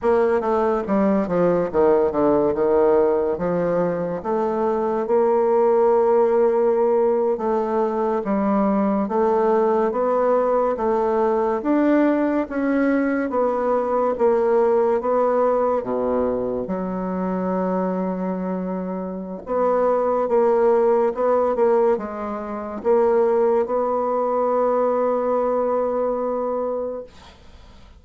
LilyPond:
\new Staff \with { instrumentName = "bassoon" } { \time 4/4 \tempo 4 = 71 ais8 a8 g8 f8 dis8 d8 dis4 | f4 a4 ais2~ | ais8. a4 g4 a4 b16~ | b8. a4 d'4 cis'4 b16~ |
b8. ais4 b4 b,4 fis16~ | fis2. b4 | ais4 b8 ais8 gis4 ais4 | b1 | }